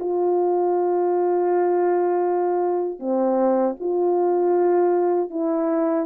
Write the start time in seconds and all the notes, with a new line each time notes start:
0.00 F4
2.99 C4
3.80 F4
5.30 E4